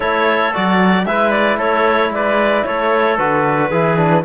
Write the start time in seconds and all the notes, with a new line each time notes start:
0.00 A3 E4 A4 C#5
0.53 F#3 F#4 D5
1.05 G#3 E4 B4 E5
1.30 D5
1.56 A3 A4 C#5
2.10 G#3 B4 D5
2.64 A3 A4 C#5
3.17 D3 F#4 B4
3.70 E3 E4 G#4
3.96 D4